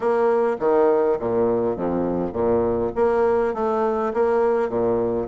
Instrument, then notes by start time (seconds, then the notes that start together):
bassoon
0.00 A#3
0.59 D#3
1.19 A#2
1.76 F2
2.32 A#2
2.95 A#3
3.53 A3
4.13 A#3
4.69 A#2